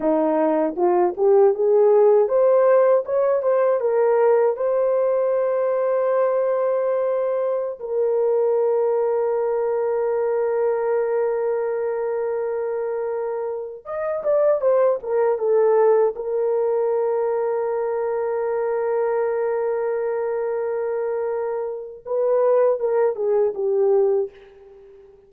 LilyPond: \new Staff \with { instrumentName = "horn" } { \time 4/4 \tempo 4 = 79 dis'4 f'8 g'8 gis'4 c''4 | cis''8 c''8 ais'4 c''2~ | c''2~ c''16 ais'4.~ ais'16~ | ais'1~ |
ais'2~ ais'16 dis''8 d''8 c''8 ais'16~ | ais'16 a'4 ais'2~ ais'8.~ | ais'1~ | ais'4 b'4 ais'8 gis'8 g'4 | }